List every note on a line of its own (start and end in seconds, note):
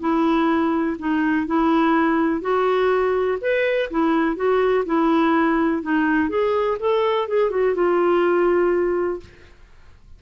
0.00 0.97 E4
0.99 1.47 D#4
1.47 2.41 E4
2.41 3.38 F#4
3.41 3.90 B4
3.90 4.36 E4
4.36 4.85 F#4
4.86 5.82 E4
5.82 6.29 D#4
6.29 6.78 G#4
6.80 7.28 A4
7.28 7.51 G#4
7.51 7.75 F#4
7.75 9.20 F4